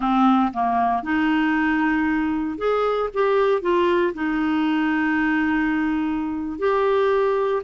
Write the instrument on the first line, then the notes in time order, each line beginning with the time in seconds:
clarinet
0.00 C4
0.53 A#3
1.03 D#4
2.57 G#4
3.13 G4
3.61 F4
4.14 D#4
6.59 G4